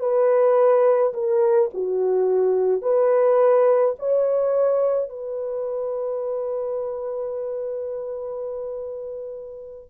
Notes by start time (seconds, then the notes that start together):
0.00 B4
1.14 A#4
1.74 F#4
2.82 B4
3.99 C#5
5.09 B4